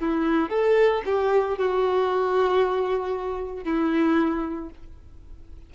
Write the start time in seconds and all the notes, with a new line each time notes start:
0.00 E4
0.49 A4
1.05 G4
1.58 F#4
3.64 E4